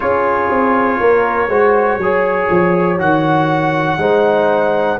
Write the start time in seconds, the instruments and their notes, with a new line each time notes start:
0.00 tuba C#4, trombone F4, horn G#4, trumpet C#5
0.50 tuba C4
1.00 tuba A#3, horn A#4
1.49 tuba G#3, trombone F#4, horn C5
1.97 tuba F#3, trombone G#4, horn C#5
2.50 tuba F3
2.98 tuba D#3, trombone F#4, trumpet F#5
3.98 tuba G#3, trombone D#4, horn C5